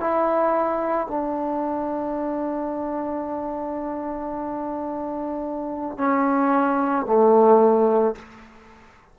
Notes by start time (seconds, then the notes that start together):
0.00 E4
1.08 D4
5.98 C#4
7.06 A3